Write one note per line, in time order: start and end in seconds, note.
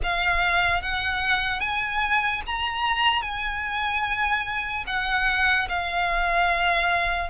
0.03 0.81 F5
0.81 1.60 F#5
1.60 2.41 G#5
2.46 3.22 A#5
3.22 4.84 G#5
4.86 5.68 F#5
5.68 7.29 F5